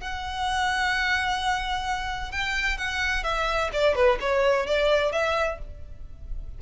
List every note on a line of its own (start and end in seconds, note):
0.00 2.31 F#5
2.31 2.77 G5
2.77 3.23 F#5
3.23 3.70 E5
3.72 3.95 D5
3.95 4.18 B4
4.20 4.66 C#5
4.66 5.12 D5
5.12 5.58 E5